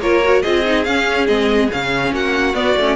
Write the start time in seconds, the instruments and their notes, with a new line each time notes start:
0.00 cello A#3, viola F4, violin A#4 C#5
0.23 viola F#4
0.42 cello C4, viola F4, violin G#4 D#5
0.64 viola D#4
0.84 viola C#4, cello C#4, violin F5
1.27 cello G#3, viola C4, violin D#5
1.72 cello C#3, viola C#4, violin F5
2.12 cello A#3, violin F#4 F#5
2.54 viola B3, cello B3, violin D5
2.76 cello A3, viola C#4